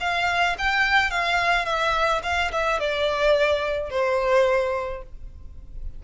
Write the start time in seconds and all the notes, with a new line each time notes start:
0.00 F5
0.58 G5
1.10 F5
1.65 E5
2.23 F5
2.52 E5
2.79 D5
3.90 C5